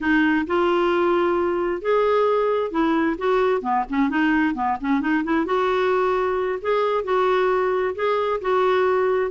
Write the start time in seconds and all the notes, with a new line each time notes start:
0.00 D#4
0.46 F4
1.81 G#4
2.71 E4
3.18 F#4
3.61 B3
3.89 C#4
4.09 D#4
4.54 B3
4.81 C#4
5.01 D#4
5.24 E4
5.45 F#4
6.61 G#4
7.04 F#4
7.95 G#4
8.41 F#4